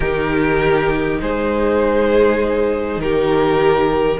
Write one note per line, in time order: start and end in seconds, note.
0.00 1.18 D#3
0.00 4.20 D#4
0.00 1.20 G4
0.00 1.20 A#4
1.20 2.97 G#3
1.20 3.01 G#4
1.20 3.00 C5
2.97 4.17 D#3
2.97 4.20 G4
2.97 4.20 A#4